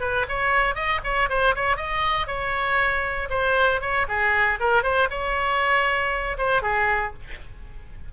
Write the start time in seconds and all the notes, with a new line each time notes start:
0.00 B4
0.28 C#5
0.74 D#5
1.03 C#5
1.29 C5
1.55 C#5
1.76 D#5
2.27 C#5
3.30 C5
3.81 C#5
4.08 G#4
4.59 A#4
4.82 C5
5.10 C#5
6.37 C5
6.62 G#4